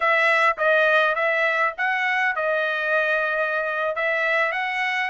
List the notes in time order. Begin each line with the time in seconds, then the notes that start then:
0.00 E5
0.57 D#5
1.15 E5
1.77 F#5
2.35 D#5
3.95 E5
4.51 F#5